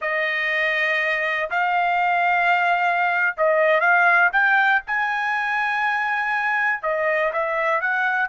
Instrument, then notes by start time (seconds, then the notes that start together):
trumpet
0.01 D#5
1.50 F5
3.37 D#5
3.80 F5
4.32 G5
4.86 G#5
6.82 D#5
7.32 E5
7.81 F#5